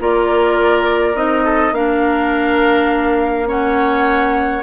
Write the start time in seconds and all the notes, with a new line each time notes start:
0.00 A#3 F4 A#4 D5
1.15 C4 D#4 D#5
1.45 A4
1.72 A#3 D4 A#4 F5
3.46 C#4 C#5 F#5